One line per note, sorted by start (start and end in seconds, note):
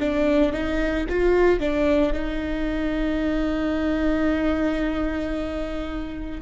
0.00 0.53 D4
0.53 1.06 D#4
1.10 1.60 F4
1.60 2.13 D4
2.13 6.42 D#4